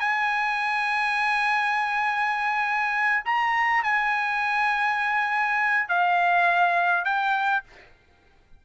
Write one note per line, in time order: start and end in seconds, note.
0.00 3.24 G#5
3.25 3.84 A#5
3.84 5.89 G#5
5.89 7.05 F5
7.05 7.64 G5